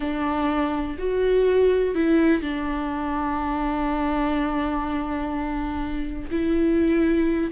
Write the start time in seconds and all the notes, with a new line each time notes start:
0.00 D4
0.98 F#4
1.94 E4
2.41 D4
6.30 E4